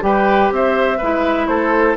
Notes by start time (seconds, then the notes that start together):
0.00 G3 G4 B4 G5
0.52 C4 C5 E5
0.98 G#3 E4 B4
1.47 A3 A4 C5